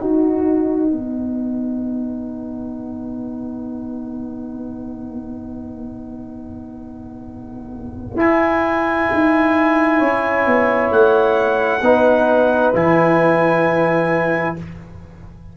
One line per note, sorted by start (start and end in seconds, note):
0.00 8.17 D#4
0.00 0.92 D#4
0.00 0.91 F#4
0.00 8.18 F#5
0.91 8.16 B3
0.91 9.99 B4
8.16 9.07 E4
8.16 11.81 E4
8.16 10.92 G#5
9.13 10.02 D#4
9.99 10.47 C#4
9.99 11.81 C#5
10.47 10.91 B3
10.91 11.82 A3
10.91 12.74 F#5
11.82 12.73 B3
11.82 12.74 D#4
11.82 14.57 B4
12.74 14.56 E3
12.74 14.56 E4
12.74 14.57 G#5